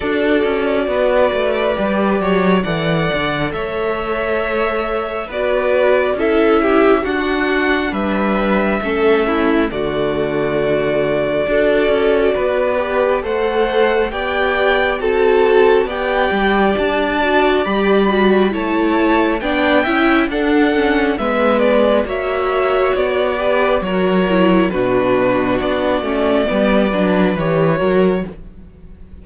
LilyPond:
<<
  \new Staff \with { instrumentName = "violin" } { \time 4/4 \tempo 4 = 68 d''2. fis''4 | e''2 d''4 e''4 | fis''4 e''2 d''4~ | d''2. fis''4 |
g''4 a''4 g''4 a''4 | b''4 a''4 g''4 fis''4 | e''8 d''8 e''4 d''4 cis''4 | b'4 d''2 cis''4 | }
  \new Staff \with { instrumentName = "violin" } { \time 4/4 a'4 b'4. cis''8 d''4 | cis''2 b'4 a'8 g'8 | fis'4 b'4 a'8 e'8 fis'4~ | fis'4 a'4 b'4 c''4 |
d''4 a'4 d''2~ | d''4 cis''4 d''8 e''8 a'4 | b'4 cis''4. b'8 ais'4 | fis'2 b'4. ais'8 | }
  \new Staff \with { instrumentName = "viola" } { \time 4/4 fis'2 g'4 a'4~ | a'2 fis'4 e'4 | d'2 cis'4 a4~ | a4 fis'4. g'8 a'4 |
g'4 fis'4 g'4. fis'8 | g'8 fis'8 e'4 d'8 e'8 d'8 cis'8 | b4 fis'4. g'8 fis'8 e'8 | d'4. cis'8 b8 d'8 g'8 fis'8 | }
  \new Staff \with { instrumentName = "cello" } { \time 4/4 d'8 cis'8 b8 a8 g8 fis8 e8 d8 | a2 b4 cis'4 | d'4 g4 a4 d4~ | d4 d'8 cis'8 b4 a4 |
b4 c'4 b8 g8 d'4 | g4 a4 b8 cis'8 d'4 | gis4 ais4 b4 fis4 | b,4 b8 a8 g8 fis8 e8 fis8 | }
>>